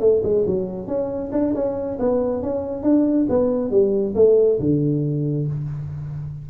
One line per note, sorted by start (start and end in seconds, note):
0.00 0.22 A3
0.23 0.45 G#3
0.47 0.87 F#3
0.87 1.31 C#4
1.32 1.54 D4
1.55 1.99 C#4
1.99 2.43 B3
2.43 2.83 C#4
2.83 3.27 D4
3.29 3.71 B3
3.71 4.15 G3
4.16 4.59 A3
4.60 5.47 D3